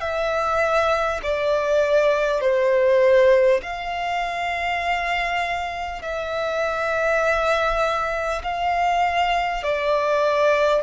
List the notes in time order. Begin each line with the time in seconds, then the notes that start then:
0.00 E5
1.22 D5
2.41 C5
3.62 F5
6.02 E5
8.43 F5
9.63 D5